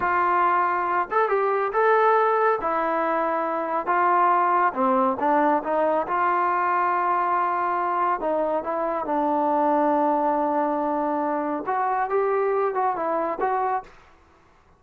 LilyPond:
\new Staff \with { instrumentName = "trombone" } { \time 4/4 \tempo 4 = 139 f'2~ f'8 a'8 g'4 | a'2 e'2~ | e'4 f'2 c'4 | d'4 dis'4 f'2~ |
f'2. dis'4 | e'4 d'2.~ | d'2. fis'4 | g'4. fis'8 e'4 fis'4 | }